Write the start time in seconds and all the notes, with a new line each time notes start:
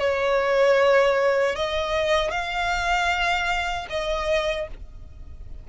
0.00 C#5
1.56 D#5
2.31 F5
3.90 D#5